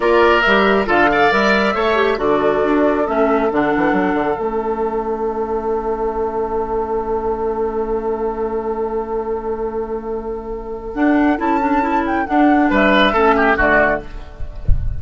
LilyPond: <<
  \new Staff \with { instrumentName = "flute" } { \time 4/4 \tempo 4 = 137 d''4 e''4 f''4 e''4~ | e''4 d''2 e''4 | fis''2 e''2~ | e''1~ |
e''1~ | e''1~ | e''4 fis''4 a''4. g''8 | fis''4 e''2 d''4 | }
  \new Staff \with { instrumentName = "oboe" } { \time 4/4 ais'2 a'8 d''4. | cis''4 a'2.~ | a'1~ | a'1~ |
a'1~ | a'1~ | a'1~ | a'4 b'4 a'8 g'8 fis'4 | }
  \new Staff \with { instrumentName = "clarinet" } { \time 4/4 f'4 g'4 f'8 a'8 ais'4 | a'8 g'8 fis'2 cis'4 | d'2 cis'2~ | cis'1~ |
cis'1~ | cis'1~ | cis'4 d'4 e'8 d'8 e'4 | d'2 cis'4 a4 | }
  \new Staff \with { instrumentName = "bassoon" } { \time 4/4 ais4 g4 d4 g4 | a4 d4 d'4 a4 | d8 e8 fis8 d8 a2~ | a1~ |
a1~ | a1~ | a4 d'4 cis'2 | d'4 g4 a4 d4 | }
>>